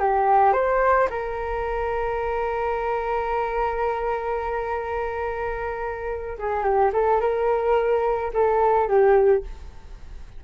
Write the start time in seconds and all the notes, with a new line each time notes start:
0.00 G4
0.53 C5
1.10 A#4
6.39 G#4
6.64 G4
6.93 A4
7.21 A#4
8.34 A4
8.88 G4